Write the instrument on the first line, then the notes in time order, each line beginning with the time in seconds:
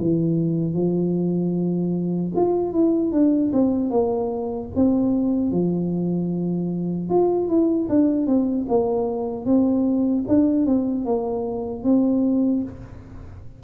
tuba
0.00 E3
0.74 F3
2.36 F4
2.73 E4
3.12 D4
3.53 C4
3.90 A#3
4.75 C4
5.52 F3
7.09 F4
7.49 E4
7.89 D4
8.27 C4
8.69 A#3
9.46 C4
10.28 D4
10.66 C4
11.05 A#3
11.84 C4